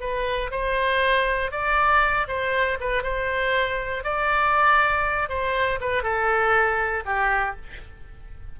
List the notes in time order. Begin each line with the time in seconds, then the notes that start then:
0.00 B4
0.51 C5
1.51 D5
2.27 C5
2.80 B4
3.03 C5
4.04 D5
5.29 C5
5.81 B4
6.03 A4
7.05 G4